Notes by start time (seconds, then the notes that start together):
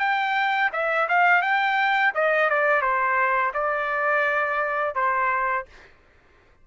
0.00 G5
0.73 E5
1.09 F5
1.42 G5
2.15 D#5
2.50 D5
2.82 C5
3.54 D5
4.95 C5